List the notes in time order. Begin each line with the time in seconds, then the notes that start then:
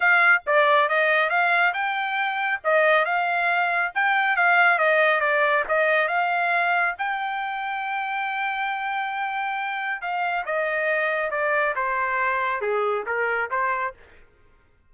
0.00 F5
0.46 D5
0.89 D#5
1.29 F5
1.73 G5
2.63 D#5
3.05 F5
3.94 G5
4.36 F5
4.78 D#5
5.20 D5
5.68 D#5
6.08 F5
6.98 G5
10.01 F5
10.45 D#5
11.30 D5
11.75 C5
12.61 G#4
13.06 A#4
13.50 C5